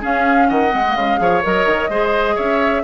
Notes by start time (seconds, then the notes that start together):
0.00 C#4 G#4 F5
0.49 D#3 D#5 F#5
0.70 G#3 C4
0.88 A#3
0.95 C#3 G#3 F5
1.17 F3 G#4 C#5
1.43 F#3 A#4 D#5
1.66 D#3
1.88 G#3 G#4 C5
2.35 C#4 C#5 E5